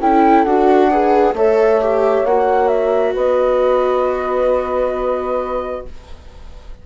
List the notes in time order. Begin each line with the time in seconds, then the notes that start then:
0.00 C#4 E4 A4 G5
0.44 D4 F#4 F#5
0.91 G#4 B4
1.34 A3 A4 C#5 E5
1.82 G4
2.25 A#3 F#4 F#5
2.68 E5
3.14 B3 B4 D#5